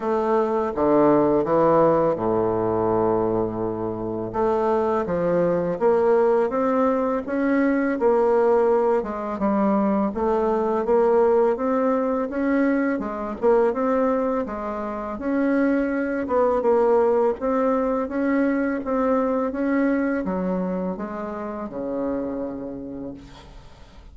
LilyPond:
\new Staff \with { instrumentName = "bassoon" } { \time 4/4 \tempo 4 = 83 a4 d4 e4 a,4~ | a,2 a4 f4 | ais4 c'4 cis'4 ais4~ | ais8 gis8 g4 a4 ais4 |
c'4 cis'4 gis8 ais8 c'4 | gis4 cis'4. b8 ais4 | c'4 cis'4 c'4 cis'4 | fis4 gis4 cis2 | }